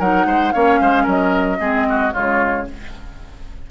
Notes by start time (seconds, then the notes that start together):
0.00 F#3 D#4 A#4 F#5
0.26 G#3 C5
0.53 A#3 C#4 C#5 F5
0.81 G#3 C5
1.03 F#3 A#4 D#5
1.60 G#3 C4 G#4
1.90 F#4
2.13 C#3 G#3 F4 C#5